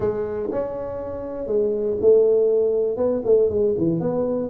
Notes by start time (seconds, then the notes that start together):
0.00 G#3
0.51 C#4
1.46 G#3
2.00 A3
2.96 B3
3.24 A3
3.49 G#3
3.77 E3
4.00 B3